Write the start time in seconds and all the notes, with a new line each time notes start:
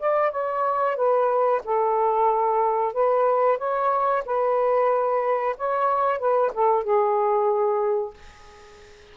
0.00 D5
0.32 C#5
0.97 B4
1.65 A4
2.94 B4
3.58 C#5
4.26 B4
5.58 C#5
6.19 B4
6.54 A4
6.84 G#4